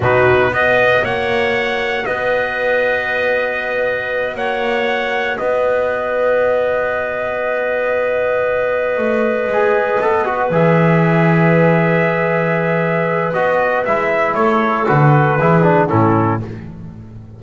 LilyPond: <<
  \new Staff \with { instrumentName = "trumpet" } { \time 4/4 \tempo 4 = 117 b'4 dis''4 fis''2 | dis''1~ | dis''8 fis''2 dis''4.~ | dis''1~ |
dis''1~ | dis''8 e''2.~ e''8~ | e''2 dis''4 e''4 | cis''4 b'2 a'4 | }
  \new Staff \with { instrumentName = "clarinet" } { \time 4/4 fis'4 b'4 cis''2 | b'1~ | b'8 cis''2 b'4.~ | b'1~ |
b'1~ | b'1~ | b'1 | a'2 gis'4 e'4 | }
  \new Staff \with { instrumentName = "trombone" } { \time 4/4 dis'4 fis'2.~ | fis'1~ | fis'1~ | fis'1~ |
fis'2~ fis'8 gis'4 a'8 | fis'8 gis'2.~ gis'8~ | gis'2 fis'4 e'4~ | e'4 fis'4 e'8 d'8 cis'4 | }
  \new Staff \with { instrumentName = "double bass" } { \time 4/4 b,4 b4 ais2 | b1~ | b8 ais2 b4.~ | b1~ |
b4. a4 gis4 b8~ | b8 e2.~ e8~ | e2 b4 gis4 | a4 d4 e4 a,4 | }
>>